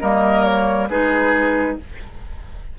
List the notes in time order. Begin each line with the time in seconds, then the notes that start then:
0.00 G3 A#3 A#4 D#5
0.44 C#5
0.89 G#3 D#4 G#4 B4